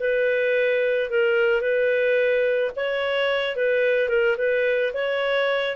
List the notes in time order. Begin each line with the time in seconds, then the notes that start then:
0.00 B4
1.10 A#4
1.61 B4
2.76 C#5
3.56 B4
4.09 A#4
4.38 B4
4.94 C#5